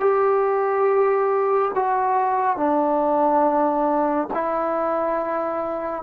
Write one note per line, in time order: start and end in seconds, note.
0.00 1.71 G4
1.75 2.57 F#4
2.57 4.28 D4
4.34 6.03 E4